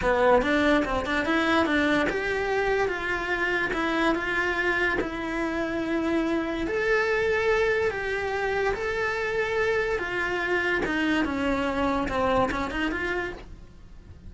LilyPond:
\new Staff \with { instrumentName = "cello" } { \time 4/4 \tempo 4 = 144 b4 d'4 c'8 d'8 e'4 | d'4 g'2 f'4~ | f'4 e'4 f'2 | e'1 |
a'2. g'4~ | g'4 a'2. | f'2 dis'4 cis'4~ | cis'4 c'4 cis'8 dis'8 f'4 | }